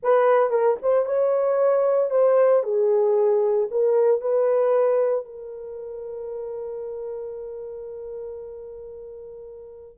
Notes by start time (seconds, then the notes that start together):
0.02 B4
0.50 A#4
0.82 C5
1.05 C#5
2.10 C5
2.63 G#4
3.70 A#4
4.21 B4
5.25 A#4